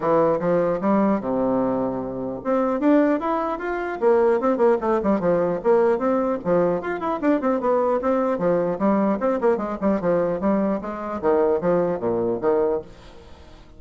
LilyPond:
\new Staff \with { instrumentName = "bassoon" } { \time 4/4 \tempo 4 = 150 e4 f4 g4 c4~ | c2 c'4 d'4 | e'4 f'4 ais4 c'8 ais8 | a8 g8 f4 ais4 c'4 |
f4 f'8 e'8 d'8 c'8 b4 | c'4 f4 g4 c'8 ais8 | gis8 g8 f4 g4 gis4 | dis4 f4 ais,4 dis4 | }